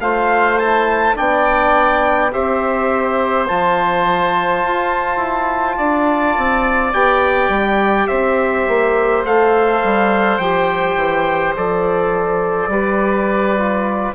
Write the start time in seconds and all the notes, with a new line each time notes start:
0.00 A3 F4 C5 F5
0.59 E4 A5
1.15 B3 D4 D5 G5
2.32 C4 G4 C5 E5
3.48 F3 F4 A5
4.64 F4
5.17 E4
5.77 D4 D5
6.38 C4
6.94 B3 G4 G5
7.49 G3
8.08 C4 C5 E5
8.69 A#3
9.25 A3 A4 F5
9.84 G3
10.39 F3 G4 G5
10.96 E3
11.57 F3 A4 D5
12.68 G3 G4 B4
13.58 F4